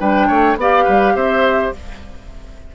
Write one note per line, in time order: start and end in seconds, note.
0.00 0.29 G3
0.00 0.58 D4
0.00 0.28 B4
0.00 0.58 G5
0.28 0.56 A3
0.28 0.56 C#5
0.56 0.85 B3
0.56 1.75 G4
0.56 0.84 D5
0.56 1.16 F5
0.84 1.15 G3
0.84 1.13 B4
1.15 1.73 C4
1.15 1.74 C5
1.15 1.74 E5